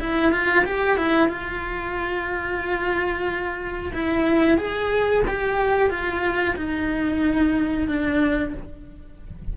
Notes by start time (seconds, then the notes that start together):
0.00 E4
0.32 F4
0.65 G4
0.97 E4
1.29 F4
3.94 E4
4.58 G#4
5.27 G4
5.90 F4
6.56 D#4
7.88 D4